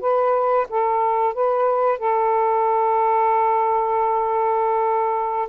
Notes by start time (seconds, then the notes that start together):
0.00 B4
0.69 A4
1.34 B4
1.98 A4